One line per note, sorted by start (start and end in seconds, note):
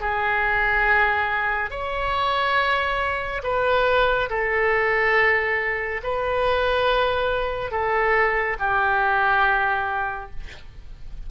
0.00 1.70 G#4
1.70 3.42 C#5
3.43 4.29 B4
4.29 6.01 A4
6.03 7.71 B4
7.71 8.56 A4
8.59 10.30 G4